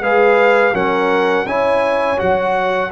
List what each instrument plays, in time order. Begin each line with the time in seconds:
0.00 tuba G#3, trombone G#4, horn B4, trumpet F5
0.73 tuba F#3, trombone C#4, horn A#4, trumpet F#5
1.45 tuba C#4, trombone E4, horn C#5, trumpet G#5
2.17 tuba F#3, trombone F#4, trumpet F#5